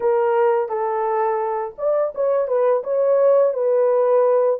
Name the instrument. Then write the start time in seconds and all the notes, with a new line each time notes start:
horn
0.00 A#4
0.68 A4
1.78 D5
2.15 C#5
2.47 B4
2.83 C#5
3.53 B4